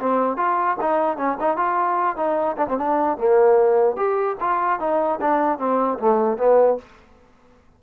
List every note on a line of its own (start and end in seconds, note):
0.00 0.37 C4
0.37 0.77 F4
0.81 1.17 D#4
1.17 1.37 C#4
1.40 1.57 D#4
1.57 2.17 F4
2.17 2.57 D#4
2.57 2.67 D4
2.69 2.78 C4
2.78 3.18 D4
3.18 3.97 A#3
3.97 4.37 G4
4.41 4.80 F4
4.80 5.20 D#4
5.21 5.59 D4
5.59 5.99 C4
5.99 6.38 A3
6.38 6.78 B3